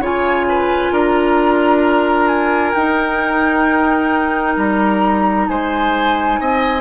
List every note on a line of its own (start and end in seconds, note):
0.00 0.91 C#3
0.00 2.76 F4
0.00 0.47 C#5
0.00 0.96 G#5
0.49 0.93 B4
0.92 2.74 D4
0.92 5.48 A#4
0.92 2.28 A#5
2.28 2.73 G#5
2.73 4.57 D#4
2.73 6.82 D#4
2.73 4.55 G5
4.57 5.48 G3
4.57 5.48 A#5
5.48 6.40 G#3
5.48 6.41 C5
5.48 6.82 G#5
6.41 6.82 C4
6.41 6.82 D#5